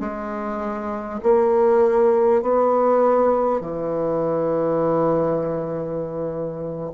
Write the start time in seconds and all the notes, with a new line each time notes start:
0.00 G#3
1.23 A#3
2.42 B3
3.61 E3